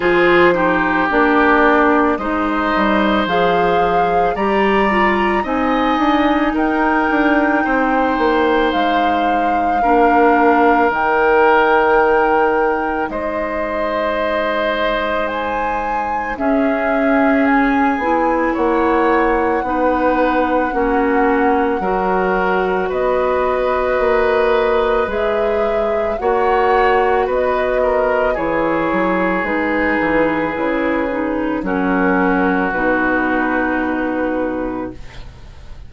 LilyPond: <<
  \new Staff \with { instrumentName = "flute" } { \time 4/4 \tempo 4 = 55 c''4 d''4 dis''4 f''4 | ais''4 gis''4 g''2 | f''2 g''2 | dis''2 gis''4 e''4 |
gis''4 fis''2.~ | fis''4 dis''2 e''4 | fis''4 dis''4 cis''4 b'4~ | b'4 ais'4 b'2 | }
  \new Staff \with { instrumentName = "oboe" } { \time 4/4 gis'8 g'4. c''2 | d''4 dis''4 ais'4 c''4~ | c''4 ais'2. | c''2. gis'4~ |
gis'4 cis''4 b'4 fis'4 | ais'4 b'2. | cis''4 b'8 ais'8 gis'2~ | gis'4 fis'2. | }
  \new Staff \with { instrumentName = "clarinet" } { \time 4/4 f'8 dis'8 d'4 dis'4 gis'4 | g'8 f'8 dis'2.~ | dis'4 d'4 dis'2~ | dis'2. cis'4~ |
cis'8 e'4. dis'4 cis'4 | fis'2. gis'4 | fis'2 e'4 dis'4 | e'8 dis'8 cis'4 dis'2 | }
  \new Staff \with { instrumentName = "bassoon" } { \time 4/4 f4 ais4 gis8 g8 f4 | g4 c'8 d'8 dis'8 d'8 c'8 ais8 | gis4 ais4 dis2 | gis2. cis'4~ |
cis'8 b8 ais4 b4 ais4 | fis4 b4 ais4 gis4 | ais4 b4 e8 fis8 gis8 e8 | cis4 fis4 b,2 | }
>>